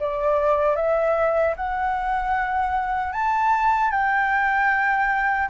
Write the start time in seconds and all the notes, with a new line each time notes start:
0.00 D5
0.76 E5
1.56 F#5
3.13 A5
3.91 G5